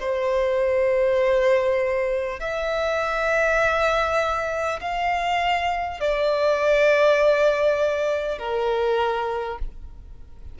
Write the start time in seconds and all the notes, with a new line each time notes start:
0.00 C5
2.40 E5
4.81 F5
6.00 D5
8.38 A#4